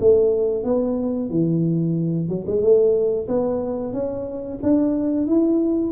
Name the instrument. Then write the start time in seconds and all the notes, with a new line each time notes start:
tuba
0.00 A3
0.64 B3
1.30 E3
2.28 F#3
2.47 G#3
2.61 A3
3.28 B3
3.93 C#4
4.62 D4
5.26 E4